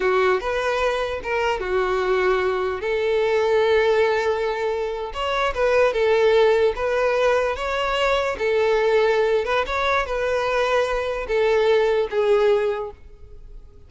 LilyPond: \new Staff \with { instrumentName = "violin" } { \time 4/4 \tempo 4 = 149 fis'4 b'2 ais'4 | fis'2. a'4~ | a'1~ | a'8. cis''4 b'4 a'4~ a'16~ |
a'8. b'2 cis''4~ cis''16~ | cis''8. a'2~ a'8. b'8 | cis''4 b'2. | a'2 gis'2 | }